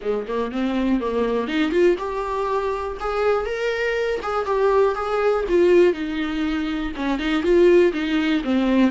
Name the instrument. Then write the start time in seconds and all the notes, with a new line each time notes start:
viola
0.01 G#3
0.27 A#3
0.51 C4
1.00 A#3
1.47 D#4
1.71 F4
1.98 G4
3.00 G#4
3.45 A#4
4.22 G#4
4.45 G4
4.95 G#4
5.49 F4
5.93 D#4
6.96 C#4
7.18 D#4
7.42 F4
7.92 D#4
8.44 C4